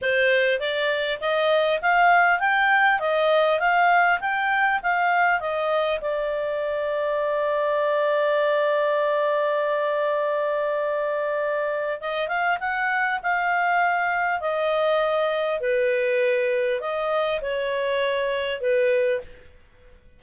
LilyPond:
\new Staff \with { instrumentName = "clarinet" } { \time 4/4 \tempo 4 = 100 c''4 d''4 dis''4 f''4 | g''4 dis''4 f''4 g''4 | f''4 dis''4 d''2~ | d''1~ |
d''1 | dis''8 f''8 fis''4 f''2 | dis''2 b'2 | dis''4 cis''2 b'4 | }